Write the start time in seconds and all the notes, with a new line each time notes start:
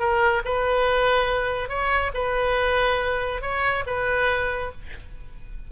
0.00 A#4
0.45 B4
1.69 C#5
2.15 B4
3.42 C#5
3.87 B4